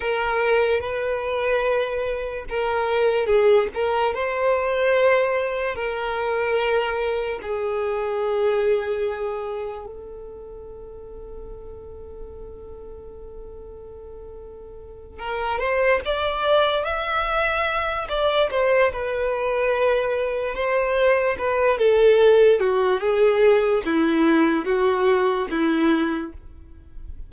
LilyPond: \new Staff \with { instrumentName = "violin" } { \time 4/4 \tempo 4 = 73 ais'4 b'2 ais'4 | gis'8 ais'8 c''2 ais'4~ | ais'4 gis'2. | a'1~ |
a'2~ a'8 ais'8 c''8 d''8~ | d''8 e''4. d''8 c''8 b'4~ | b'4 c''4 b'8 a'4 fis'8 | gis'4 e'4 fis'4 e'4 | }